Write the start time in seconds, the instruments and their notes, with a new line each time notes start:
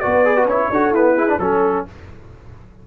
0.00 tuba B3, trombone F#4, horn B4, trumpet D5
0.25 trombone G#4
0.37 trombone F#4
0.45 tuba C#4, trombone E4, trumpet C#5
0.70 tuba D4, trombone F#4, horn A4
0.91 trombone B3, tuba E4, trumpet B4
1.16 trombone E4, horn G#4
1.29 trombone D4
1.39 tuba F#3, trombone C#4, trumpet A4, horn A4